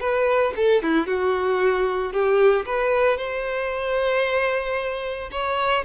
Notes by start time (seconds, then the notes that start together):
0.00 B4
0.56 A4
0.83 E4
1.06 F#4
2.12 G4
2.65 B4
3.17 C5
5.31 C#5